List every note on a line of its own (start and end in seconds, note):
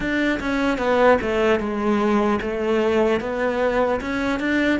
0.00 0.39 D4
0.40 0.78 C#4
0.78 1.18 B3
1.21 1.59 A3
1.59 2.39 G#3
2.41 3.20 A3
3.20 4.00 B3
4.00 4.39 C#4
4.39 4.79 D4